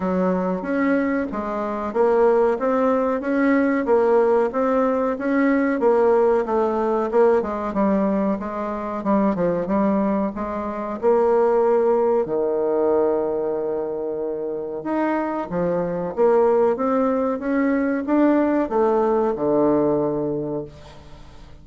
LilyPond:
\new Staff \with { instrumentName = "bassoon" } { \time 4/4 \tempo 4 = 93 fis4 cis'4 gis4 ais4 | c'4 cis'4 ais4 c'4 | cis'4 ais4 a4 ais8 gis8 | g4 gis4 g8 f8 g4 |
gis4 ais2 dis4~ | dis2. dis'4 | f4 ais4 c'4 cis'4 | d'4 a4 d2 | }